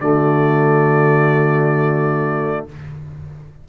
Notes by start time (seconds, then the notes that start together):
0.00 D3 A3 F#4 D5